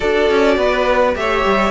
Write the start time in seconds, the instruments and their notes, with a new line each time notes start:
0.00 cello D4, viola F#4, violin A4 D5
0.30 cello C#4
0.57 cello B3, violin B4
1.14 cello A3, viola G4, violin C#5 E5
1.45 cello G3